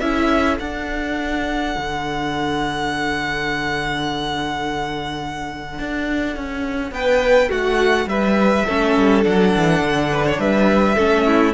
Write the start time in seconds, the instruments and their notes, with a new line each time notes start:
0.00 cello C#4, viola E4, violin A4 E5
0.59 viola D4, cello D4, violin F#5
1.77 cello D3
5.79 cello D4
6.36 cello C#4
6.91 cello B3, violin B4 G5
7.49 cello A3, violin F#4 F#5
8.06 cello G3, violin B4 E5
8.66 cello A3, viola C#4, violin A4
8.96 cello G3
9.24 cello F#3, viola D4, violin F#5
9.56 cello E3
9.81 cello D3
10.12 violin B4
10.26 violin C#5
10.38 cello G3, violin B4 E5
10.95 cello A3, viola C#4, violin A4
11.26 violin E4